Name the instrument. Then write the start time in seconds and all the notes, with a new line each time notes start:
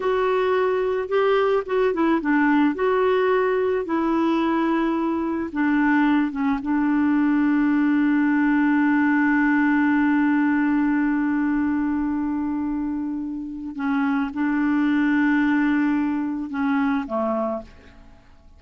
clarinet
0.00 F#4
1.08 G4
1.65 F#4
1.93 E4
2.21 D4
2.74 F#4
3.85 E4
5.52 D4
6.31 C#4
6.62 D4
13.75 C#4
14.33 D4
16.50 C#4
17.06 A3